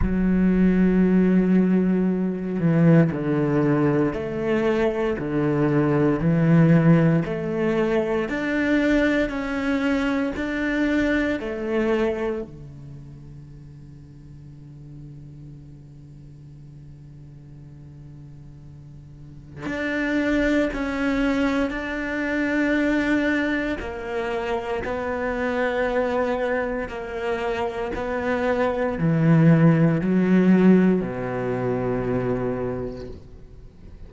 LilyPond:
\new Staff \with { instrumentName = "cello" } { \time 4/4 \tempo 4 = 58 fis2~ fis8 e8 d4 | a4 d4 e4 a4 | d'4 cis'4 d'4 a4 | d1~ |
d2. d'4 | cis'4 d'2 ais4 | b2 ais4 b4 | e4 fis4 b,2 | }